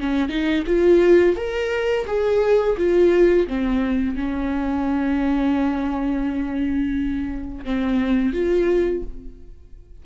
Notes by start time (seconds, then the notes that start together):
0.00 C#4
0.29 D#4
0.67 F4
1.36 A#4
2.06 G#4
2.77 F4
3.48 C4
4.16 C#4
7.65 C4
8.33 F4